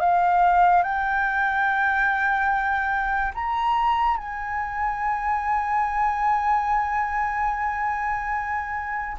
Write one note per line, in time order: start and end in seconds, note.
0.00 0.83 F5
0.83 3.33 G5
3.34 4.17 A#5
4.17 9.17 G#5